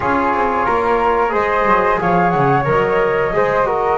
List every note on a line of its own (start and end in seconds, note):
0.00 0.33 C#4
0.00 1.29 F4
0.00 0.65 G#4
0.00 1.32 C#5
0.33 0.66 C4
0.65 1.34 A#3
0.65 1.32 A#4
1.29 1.65 G#3
1.29 2.62 G#4
1.29 1.99 C5
1.29 1.99 D#5
1.65 1.98 F#3
2.00 2.34 F3
2.00 3.35 C#5
2.00 2.29 F5
2.29 2.67 C#3
2.29 2.62 F#5
2.64 3.33 F#3
2.64 3.31 A#4
2.64 3.98 D#5
3.32 3.98 G#3
3.32 3.65 G#4
3.32 3.66 C5
3.65 3.98 F#4
3.65 3.98 A#4